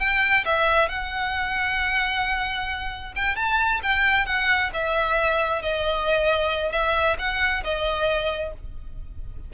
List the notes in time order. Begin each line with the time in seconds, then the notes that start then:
0.00 G5
0.45 E5
0.89 F#5
3.16 G5
3.36 A5
3.83 G5
4.26 F#5
4.73 E5
5.62 D#5
6.72 E5
7.19 F#5
7.64 D#5